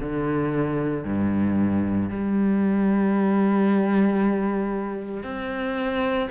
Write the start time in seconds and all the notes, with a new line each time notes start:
0.00 D3
1.04 G2
2.10 G3
5.24 C4